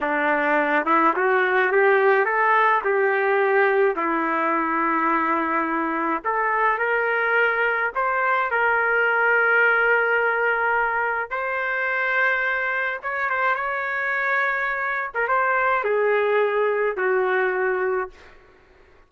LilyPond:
\new Staff \with { instrumentName = "trumpet" } { \time 4/4 \tempo 4 = 106 d'4. e'8 fis'4 g'4 | a'4 g'2 e'4~ | e'2. a'4 | ais'2 c''4 ais'4~ |
ais'1 | c''2. cis''8 c''8 | cis''2~ cis''8. ais'16 c''4 | gis'2 fis'2 | }